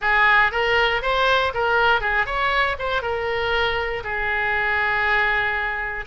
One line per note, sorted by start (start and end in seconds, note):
0.01 0.51 G#4
0.51 1.02 A#4
1.02 1.52 C5
1.54 2.01 A#4
2.01 2.26 G#4
2.26 2.76 C#5
2.78 3.02 C5
3.02 4.03 A#4
4.03 6.05 G#4